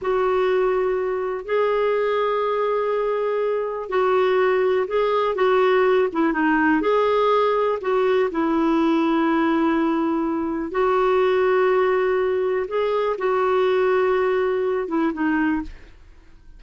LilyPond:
\new Staff \with { instrumentName = "clarinet" } { \time 4/4 \tempo 4 = 123 fis'2. gis'4~ | gis'1 | fis'2 gis'4 fis'4~ | fis'8 e'8 dis'4 gis'2 |
fis'4 e'2.~ | e'2 fis'2~ | fis'2 gis'4 fis'4~ | fis'2~ fis'8 e'8 dis'4 | }